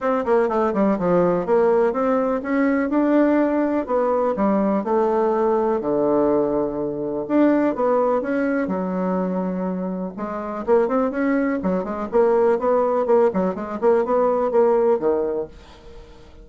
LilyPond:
\new Staff \with { instrumentName = "bassoon" } { \time 4/4 \tempo 4 = 124 c'8 ais8 a8 g8 f4 ais4 | c'4 cis'4 d'2 | b4 g4 a2 | d2. d'4 |
b4 cis'4 fis2~ | fis4 gis4 ais8 c'8 cis'4 | fis8 gis8 ais4 b4 ais8 fis8 | gis8 ais8 b4 ais4 dis4 | }